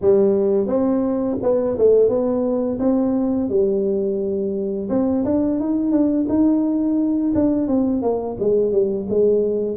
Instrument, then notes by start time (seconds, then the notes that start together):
tuba
0.01 G3
0.67 C4
1.42 B3
1.78 A3
2.08 B3
2.79 C4
3.49 G3
4.89 C4
5.25 D4
5.60 D#4
5.91 D4
6.28 D#4
7.34 D4
7.67 C4
8.02 A#3
8.39 G#3
8.72 G3
9.09 G#3